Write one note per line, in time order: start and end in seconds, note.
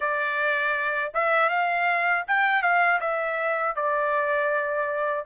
0.00 1.11 D5
1.14 1.49 E5
1.49 2.24 F5
2.27 2.62 G5
2.62 2.99 F5
3.00 3.75 E5
3.75 5.25 D5